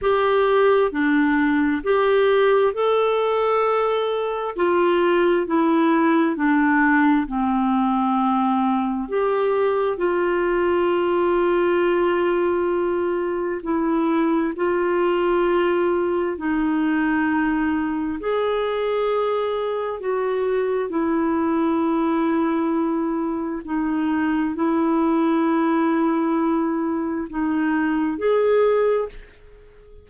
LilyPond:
\new Staff \with { instrumentName = "clarinet" } { \time 4/4 \tempo 4 = 66 g'4 d'4 g'4 a'4~ | a'4 f'4 e'4 d'4 | c'2 g'4 f'4~ | f'2. e'4 |
f'2 dis'2 | gis'2 fis'4 e'4~ | e'2 dis'4 e'4~ | e'2 dis'4 gis'4 | }